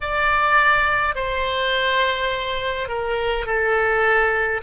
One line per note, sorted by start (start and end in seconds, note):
0.00 1.15 D5
1.15 2.88 C5
2.88 3.46 A#4
3.46 4.61 A4